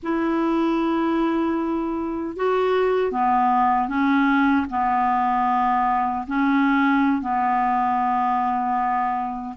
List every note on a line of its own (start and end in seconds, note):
0.02 2.36 E4
2.36 3.11 F#4
3.11 3.88 B3
3.88 4.66 C#4
4.70 6.26 B3
6.27 7.21 C#4
7.21 9.55 B3